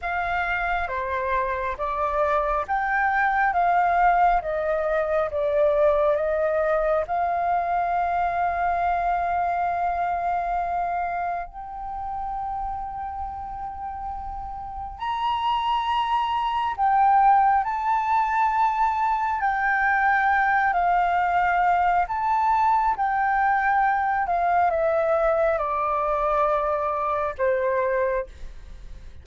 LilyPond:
\new Staff \with { instrumentName = "flute" } { \time 4/4 \tempo 4 = 68 f''4 c''4 d''4 g''4 | f''4 dis''4 d''4 dis''4 | f''1~ | f''4 g''2.~ |
g''4 ais''2 g''4 | a''2 g''4. f''8~ | f''4 a''4 g''4. f''8 | e''4 d''2 c''4 | }